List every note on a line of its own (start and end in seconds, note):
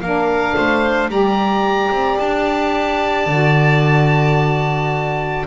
0.00 0.55 A#3
0.00 1.11 D4
0.00 0.55 A#4
0.00 1.10 F5
0.55 1.09 A3
0.55 1.10 C5
1.09 1.90 G3
1.09 3.29 G4
1.09 5.47 D5
1.09 2.19 A#5
1.91 2.18 C4
2.19 3.27 D4
2.19 5.46 A5
3.27 5.45 D3
3.27 5.47 F#4